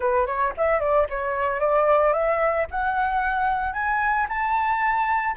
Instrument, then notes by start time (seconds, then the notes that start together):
flute
0.00 B4
0.26 C#5
0.57 E5
0.80 D5
1.09 C#5
1.59 D5
2.13 E5
2.70 F#5
3.73 G#5
4.29 A5